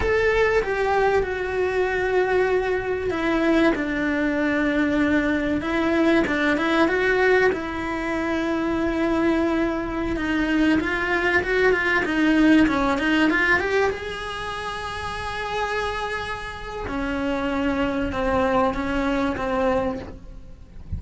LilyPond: \new Staff \with { instrumentName = "cello" } { \time 4/4 \tempo 4 = 96 a'4 g'4 fis'2~ | fis'4 e'4 d'2~ | d'4 e'4 d'8 e'8 fis'4 | e'1~ |
e'16 dis'4 f'4 fis'8 f'8 dis'8.~ | dis'16 cis'8 dis'8 f'8 g'8 gis'4.~ gis'16~ | gis'2. cis'4~ | cis'4 c'4 cis'4 c'4 | }